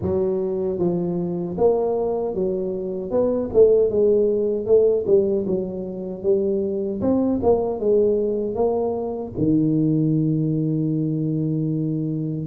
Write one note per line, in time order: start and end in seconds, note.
0.02 0.78 F#3
0.78 1.56 F3
1.57 2.34 A#3
2.34 3.10 F#3
3.10 3.49 B3
3.53 3.90 A3
3.90 4.65 G#3
4.65 5.04 A3
5.06 5.45 G3
5.47 6.22 F#3
6.22 7.00 G3
7.01 7.40 C4
7.42 7.79 A#3
7.79 8.55 G#3
8.55 9.33 A#3
9.37 12.46 D#3